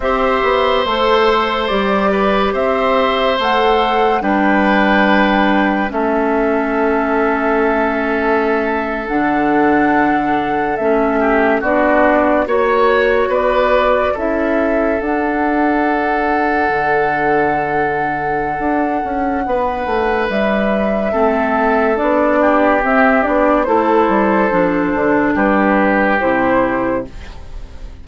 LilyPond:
<<
  \new Staff \with { instrumentName = "flute" } { \time 4/4 \tempo 4 = 71 e''4 c''4 d''4 e''4 | fis''4 g''2 e''4~ | e''2~ e''8. fis''4~ fis''16~ | fis''8. e''4 d''4 cis''4 d''16~ |
d''8. e''4 fis''2~ fis''16~ | fis''1 | e''2 d''4 e''8 d''8 | c''2 b'4 c''4 | }
  \new Staff \with { instrumentName = "oboe" } { \time 4/4 c''2~ c''8 b'8 c''4~ | c''4 b'2 a'4~ | a'1~ | a'4~ a'16 g'8 fis'4 cis''4 b'16~ |
b'8. a'2.~ a'16~ | a'2. b'4~ | b'4 a'4. g'4. | a'2 g'2 | }
  \new Staff \with { instrumentName = "clarinet" } { \time 4/4 g'4 a'4 g'2 | a'4 d'2 cis'4~ | cis'2~ cis'8. d'4~ d'16~ | d'8. cis'4 d'4 fis'4~ fis'16~ |
fis'8. e'4 d'2~ d'16~ | d'1~ | d'4 c'4 d'4 c'8 d'8 | e'4 d'2 e'4 | }
  \new Staff \with { instrumentName = "bassoon" } { \time 4/4 c'8 b8 a4 g4 c'4 | a4 g2 a4~ | a2~ a8. d4~ d16~ | d8. a4 b4 ais4 b16~ |
b8. cis'4 d'2 d16~ | d2 d'8 cis'8 b8 a8 | g4 a4 b4 c'8 b8 | a8 g8 f8 d8 g4 c4 | }
>>